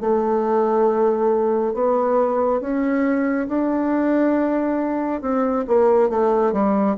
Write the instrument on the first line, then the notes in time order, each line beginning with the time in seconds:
bassoon
0.00 A3
1.74 B3
2.60 C#4
3.48 D4
5.21 C4
5.67 A#3
6.09 A3
6.52 G3